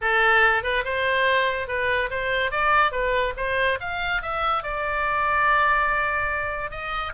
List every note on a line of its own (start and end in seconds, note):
0.01 0.63 A4
0.63 0.84 B4
0.84 1.67 C5
1.67 2.09 B4
2.10 2.51 C5
2.51 2.91 D5
2.91 3.33 B4
3.37 3.79 C5
3.80 4.22 F5
4.22 4.63 E5
4.63 6.70 D5
6.70 7.12 D#5